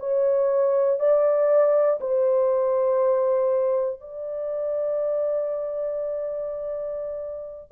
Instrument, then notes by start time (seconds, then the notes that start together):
horn
0.00 C#5
1.00 D5
2.01 C5
4.00 D5